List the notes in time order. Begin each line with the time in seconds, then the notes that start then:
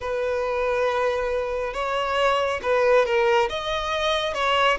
0.00 B4
1.73 C#5
2.62 B4
3.05 A#4
3.49 D#5
4.34 C#5